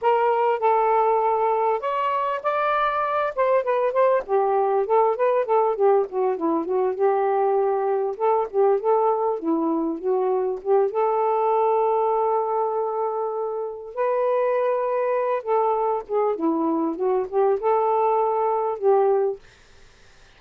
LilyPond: \new Staff \with { instrumentName = "saxophone" } { \time 4/4 \tempo 4 = 99 ais'4 a'2 cis''4 | d''4. c''8 b'8 c''8 g'4 | a'8 b'8 a'8 g'8 fis'8 e'8 fis'8 g'8~ | g'4. a'8 g'8 a'4 e'8~ |
e'8 fis'4 g'8 a'2~ | a'2. b'4~ | b'4. a'4 gis'8 e'4 | fis'8 g'8 a'2 g'4 | }